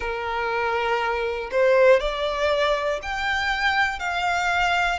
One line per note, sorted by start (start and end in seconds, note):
0.00 1.50 A#4
1.50 2.00 C5
2.00 3.00 D5
3.02 3.99 G5
3.99 4.98 F5